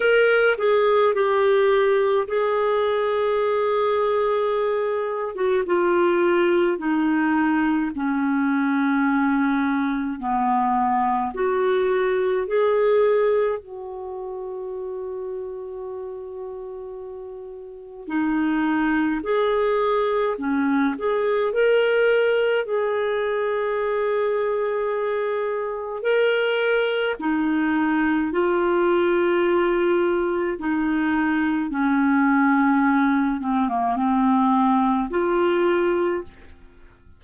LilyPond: \new Staff \with { instrumentName = "clarinet" } { \time 4/4 \tempo 4 = 53 ais'8 gis'8 g'4 gis'2~ | gis'8. fis'16 f'4 dis'4 cis'4~ | cis'4 b4 fis'4 gis'4 | fis'1 |
dis'4 gis'4 cis'8 gis'8 ais'4 | gis'2. ais'4 | dis'4 f'2 dis'4 | cis'4. c'16 ais16 c'4 f'4 | }